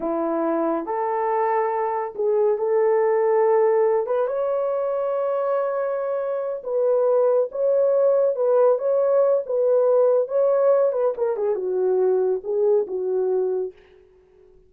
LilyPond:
\new Staff \with { instrumentName = "horn" } { \time 4/4 \tempo 4 = 140 e'2 a'2~ | a'4 gis'4 a'2~ | a'4. b'8 cis''2~ | cis''2.~ cis''8 b'8~ |
b'4. cis''2 b'8~ | b'8 cis''4. b'2 | cis''4. b'8 ais'8 gis'8 fis'4~ | fis'4 gis'4 fis'2 | }